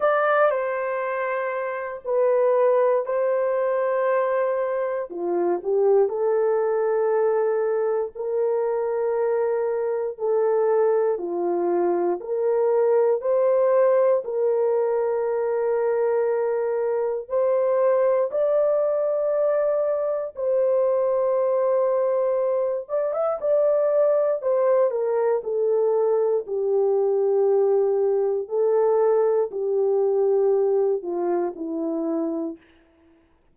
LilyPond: \new Staff \with { instrumentName = "horn" } { \time 4/4 \tempo 4 = 59 d''8 c''4. b'4 c''4~ | c''4 f'8 g'8 a'2 | ais'2 a'4 f'4 | ais'4 c''4 ais'2~ |
ais'4 c''4 d''2 | c''2~ c''8 d''16 e''16 d''4 | c''8 ais'8 a'4 g'2 | a'4 g'4. f'8 e'4 | }